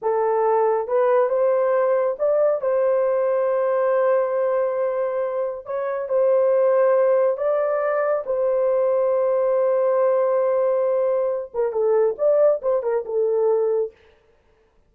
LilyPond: \new Staff \with { instrumentName = "horn" } { \time 4/4 \tempo 4 = 138 a'2 b'4 c''4~ | c''4 d''4 c''2~ | c''1~ | c''4 cis''4 c''2~ |
c''4 d''2 c''4~ | c''1~ | c''2~ c''8 ais'8 a'4 | d''4 c''8 ais'8 a'2 | }